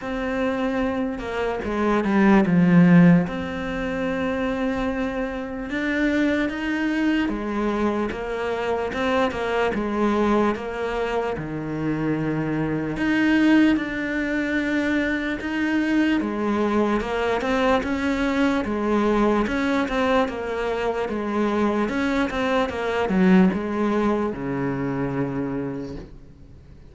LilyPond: \new Staff \with { instrumentName = "cello" } { \time 4/4 \tempo 4 = 74 c'4. ais8 gis8 g8 f4 | c'2. d'4 | dis'4 gis4 ais4 c'8 ais8 | gis4 ais4 dis2 |
dis'4 d'2 dis'4 | gis4 ais8 c'8 cis'4 gis4 | cis'8 c'8 ais4 gis4 cis'8 c'8 | ais8 fis8 gis4 cis2 | }